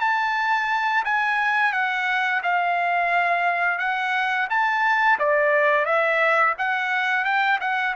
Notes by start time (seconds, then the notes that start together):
0.00 A5
1.04 G#5
1.72 F#5
2.43 F5
3.79 F#5
4.50 A5
5.19 D5
5.85 E5
6.58 F#5
7.24 G5
7.61 F#5